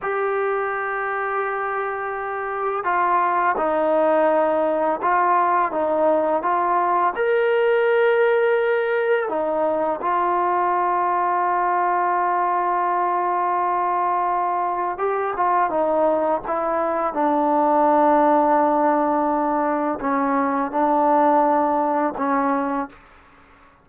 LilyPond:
\new Staff \with { instrumentName = "trombone" } { \time 4/4 \tempo 4 = 84 g'1 | f'4 dis'2 f'4 | dis'4 f'4 ais'2~ | ais'4 dis'4 f'2~ |
f'1~ | f'4 g'8 f'8 dis'4 e'4 | d'1 | cis'4 d'2 cis'4 | }